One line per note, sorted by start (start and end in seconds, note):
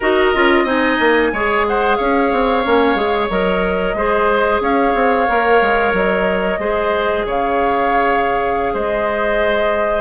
0.00 0.34 D#4
0.00 0.34 F#4
0.00 0.63 A#4
0.00 0.66 D#5
0.34 0.64 C#4
0.34 0.66 F4
0.63 0.97 C4
0.63 1.32 D#4
0.63 1.29 D#5
0.63 1.65 G#5
0.99 1.32 A#3
1.32 1.98 G#3
1.32 2.65 G#4
1.32 1.66 C#5
1.67 1.97 C5
1.67 1.95 F#5
1.95 2.32 C#4
1.95 3.95 C#5
1.95 3.27 F5
2.32 2.65 C4
2.65 2.95 A#3
2.65 2.96 C#4
2.95 3.28 G#3
2.95 3.29 G#4
3.29 3.94 F#3
3.29 3.96 A#4
3.29 4.60 D#5
3.94 4.60 G#3
3.94 5.27 G#4
3.94 4.62 C5
4.60 4.93 C#4
4.60 6.60 C#5
4.60 5.94 F5
4.94 5.27 C4
5.27 5.61 A#3
5.27 6.59 A#4
5.61 5.93 G#3
5.93 6.58 F#3
5.93 7.26 D#5
6.58 7.24 G#3
6.58 10.01 G#4
6.58 7.26 C5
7.26 8.73 C#3
7.26 8.73 C#5
7.26 8.76 F5
8.73 10.01 G#3
8.73 10.01 C5
8.73 10.01 D#5